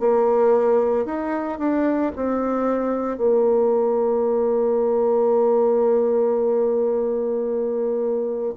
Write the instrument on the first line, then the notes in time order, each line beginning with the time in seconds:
bassoon
0.00 A#3
1.06 D#4
1.59 D4
2.16 C4
3.18 A#3